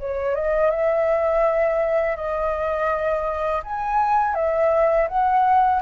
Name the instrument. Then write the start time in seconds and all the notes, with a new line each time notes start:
flute
0.00 C#5
0.35 D#5
0.71 E5
2.17 D#5
3.64 G#5
4.35 E5
5.09 F#5